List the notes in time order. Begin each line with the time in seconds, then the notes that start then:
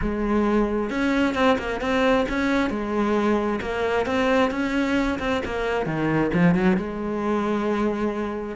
0.01 G#3
0.90 C#4
1.34 C4
1.58 A#3
1.80 C4
2.28 C#4
2.69 G#3
3.61 A#3
4.06 C4
4.51 C#4
5.19 C4
5.45 A#3
5.85 D#3
6.33 F3
6.54 F#3
6.77 G#3